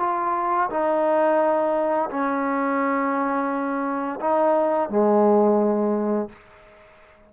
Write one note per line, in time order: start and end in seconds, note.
0.00 0.70 F4
0.70 2.10 D#4
2.11 4.20 C#4
4.21 4.90 D#4
4.90 6.29 G#3